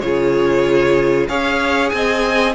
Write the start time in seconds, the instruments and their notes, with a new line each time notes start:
0.00 cello C#3, viola F4, violin G#4 C#5
1.28 cello C#4, viola G#4, violin C#5 F5
1.89 cello C4, violin D#5 G#5